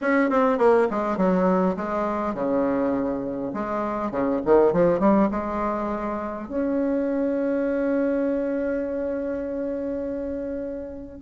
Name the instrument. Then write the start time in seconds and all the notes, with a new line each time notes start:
bassoon
0.01 C#4
0.29 C4
0.57 A#3
0.90 G#3
1.17 F#3
1.76 G#3
2.34 C#3
3.53 G#3
4.11 C#3
4.45 D#3
4.72 F3
4.99 G3
5.30 G#3
6.48 C#4